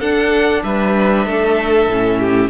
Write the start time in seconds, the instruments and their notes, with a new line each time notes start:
0.00 cello D4, viola D4, violin A4 F#5
0.63 cello G3, violin B4 E5
1.26 cello A3, violin A4
1.87 cello A2, viola C#4
2.20 violin G4